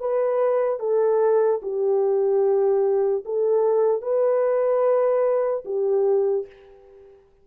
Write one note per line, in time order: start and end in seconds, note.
0.00 0.80 B4
0.80 1.61 A4
1.63 3.25 G4
3.25 4.02 A4
4.02 5.64 B4
5.65 6.46 G4